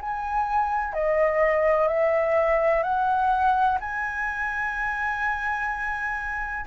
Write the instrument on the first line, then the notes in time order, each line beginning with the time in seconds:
flute
0.00 G#5
0.93 D#5
1.87 E5
2.82 F#5
3.80 G#5